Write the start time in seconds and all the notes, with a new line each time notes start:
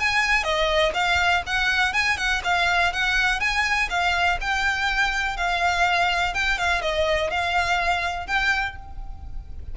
0.00 G#5
0.44 D#5
0.94 F5
1.47 F#5
1.93 G#5
2.18 F#5
2.44 F5
2.93 F#5
3.40 G#5
3.90 F5
4.41 G5
5.37 F5
6.34 G5
6.58 F5
6.82 D#5
7.31 F5
8.27 G5